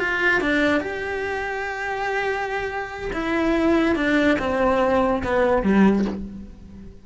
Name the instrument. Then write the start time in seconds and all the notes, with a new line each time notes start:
cello
0.00 F4
0.41 D4
0.81 G4
3.14 E4
3.96 D4
4.39 C4
5.24 B3
5.63 G3